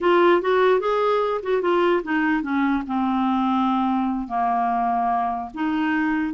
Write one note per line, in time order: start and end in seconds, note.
0.01 0.41 F4
0.41 0.80 F#4
0.80 1.41 G#4
1.42 1.61 F#4
1.61 2.02 F4
2.03 2.42 D#4
2.42 2.83 C#4
2.86 4.27 C4
4.27 5.50 A#3
5.54 6.33 D#4